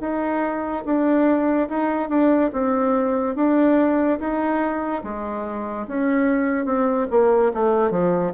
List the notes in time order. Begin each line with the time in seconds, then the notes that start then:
0.00 D#4
0.85 D4
1.69 D#4
2.09 D4
2.53 C4
3.35 D4
4.19 D#4
5.03 G#3
5.87 C#4
6.65 C4
7.10 A#3
7.53 A3
7.91 F3